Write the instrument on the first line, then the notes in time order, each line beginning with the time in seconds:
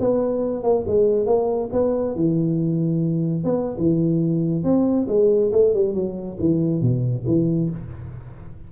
tuba
0.00 B3
0.63 A#3
0.87 G#3
1.26 A#3
1.73 B3
2.15 E3
3.44 B3
3.77 E3
4.63 C4
5.08 G#3
5.52 A3
5.74 G3
5.94 F#3
6.40 E3
6.82 B2
7.26 E3